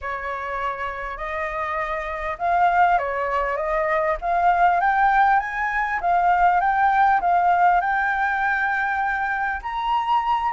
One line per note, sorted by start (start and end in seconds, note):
0.01 1.17 C#5
1.17 2.37 D#5
2.38 2.98 F5
2.98 3.56 C#5
3.56 4.16 D#5
4.21 4.80 F5
4.80 5.39 G5
5.39 5.99 G#5
6.00 6.60 F5
6.60 7.20 G5
7.20 7.80 F5
7.81 9.61 G5
9.62 10.52 A#5